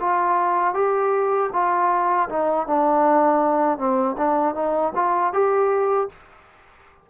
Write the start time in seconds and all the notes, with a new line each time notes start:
0.00 F4
0.74 G4
1.53 F4
2.29 D#4
2.67 D4
3.78 C4
4.17 D4
4.55 D#4
4.95 F4
5.33 G4